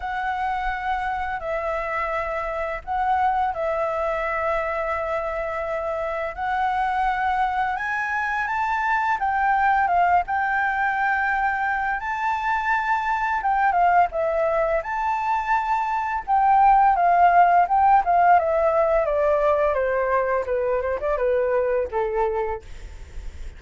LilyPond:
\new Staff \with { instrumentName = "flute" } { \time 4/4 \tempo 4 = 85 fis''2 e''2 | fis''4 e''2.~ | e''4 fis''2 gis''4 | a''4 g''4 f''8 g''4.~ |
g''4 a''2 g''8 f''8 | e''4 a''2 g''4 | f''4 g''8 f''8 e''4 d''4 | c''4 b'8 c''16 d''16 b'4 a'4 | }